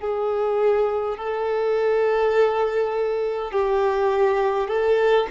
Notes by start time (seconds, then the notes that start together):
0.00 G#4
1.17 A4
3.52 G4
4.68 A4